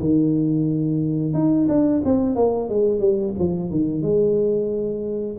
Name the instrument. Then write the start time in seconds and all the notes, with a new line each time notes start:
tuba
0.00 D#3
1.33 D#4
1.68 D4
2.05 C4
2.35 A#3
2.69 G#3
3.00 G3
3.39 F3
3.70 D#3
4.02 G#3